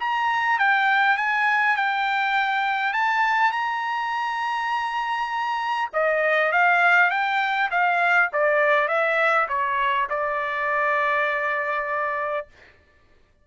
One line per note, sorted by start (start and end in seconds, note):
0.00 0.59 A#5
0.59 1.18 G5
1.18 1.77 G#5
1.77 2.94 G5
2.94 3.52 A5
3.52 5.89 A#5
5.94 6.53 D#5
6.53 7.11 F5
7.11 7.70 G5
7.71 8.31 F5
8.33 8.89 D5
8.89 9.48 E5
9.49 10.08 C#5
10.10 12.48 D5